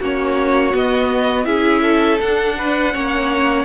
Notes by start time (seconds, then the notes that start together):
0.00 A#3 C#4 F#4 C#5
0.73 B3 D#5
1.45 C#4 E4 G#4 E5
1.82 A4
2.21 D4 F#5
2.58 B4
2.93 A#3 C#4 C#5